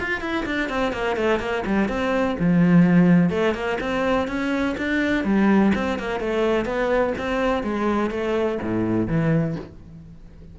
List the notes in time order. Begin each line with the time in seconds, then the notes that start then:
0.00 F4
0.21 E4
0.46 D4
0.69 C4
0.93 A#3
1.17 A3
1.39 A#3
1.66 G3
1.89 C4
2.39 F3
3.30 A3
3.54 A#3
3.81 C4
4.28 C#4
4.78 D4
5.25 G3
5.75 C4
5.99 A#3
6.20 A3
6.65 B3
7.18 C4
7.63 G#3
8.10 A3
8.62 A2
9.08 E3